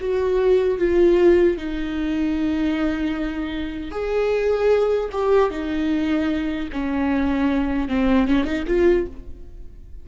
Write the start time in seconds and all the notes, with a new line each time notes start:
0.00 F#4
0.78 F4
1.57 D#4
3.91 G#4
5.12 G4
5.50 D#4
6.72 C#4
7.88 C4
8.28 C#4
8.44 D#4
8.67 F4